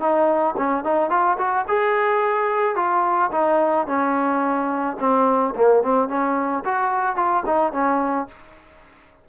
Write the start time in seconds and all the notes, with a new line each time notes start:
0.00 D#4
0.57 C#4
0.84 D#4
1.10 F4
1.38 F#4
1.68 G#4
2.76 F4
3.32 D#4
3.87 C#4
5.00 C4
5.55 A#3
5.83 C4
6.09 C#4
6.65 F#4
7.16 F4
7.46 D#4
7.72 C#4